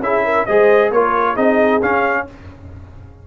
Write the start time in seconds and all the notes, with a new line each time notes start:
0.00 C#4 E4 G#4 E5
0.24 A#4
0.46 G#3 G#4 C5 D#5
0.91 A#3 F4 A#4 C#5
1.33 C4 D#4 G#4 D#5
1.82 C#4 F5